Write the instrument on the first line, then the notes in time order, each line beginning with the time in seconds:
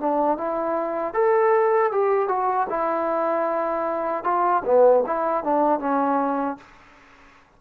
trombone
0.00 D4
0.38 E4
1.14 A4
1.92 G4
2.28 F#4
2.70 E4
4.24 F4
4.65 B3
5.06 E4
5.44 D4
5.79 C#4